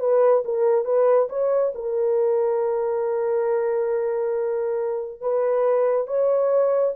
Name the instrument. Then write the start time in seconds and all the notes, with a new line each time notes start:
horn
0.00 B4
0.45 A#4
0.85 B4
1.30 C#5
1.75 A#4
5.21 B4
6.08 C#5